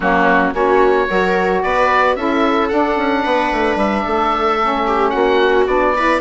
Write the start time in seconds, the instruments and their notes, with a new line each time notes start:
0.00 bassoon F#3, saxophone A#3, viola C#4, oboe F#4
0.52 bassoon A#3, saxophone C#4, viola F#4, oboe C#5
1.08 bassoon F#3, saxophone F#4, viola A#4
1.62 bassoon B3, viola B4, oboe D5
2.15 bassoon C#4, saxophone E4, viola A4, oboe E5
2.68 saxophone D4, bassoon D4, oboe F#5
2.96 bassoon C#4
3.23 bassoon B3, viola B4
3.51 bassoon A3
3.75 bassoon G3, oboe E5
4.04 bassoon A3, viola A4
4.62 saxophone C#4
4.86 viola G4
5.09 bassoon A#3, viola F#4, oboe F#5
5.66 bassoon B3, saxophone D4, oboe D5
5.96 saxophone E4, viola B4